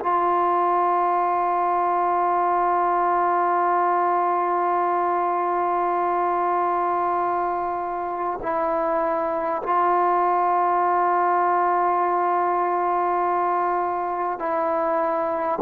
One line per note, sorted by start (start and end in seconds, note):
0.00 8.40 F4
8.42 9.62 E4
9.63 14.39 F4
14.39 15.59 E4